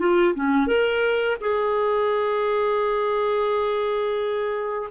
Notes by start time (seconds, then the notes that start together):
0.00 F4
0.36 C#4
0.68 A#4
1.41 G#4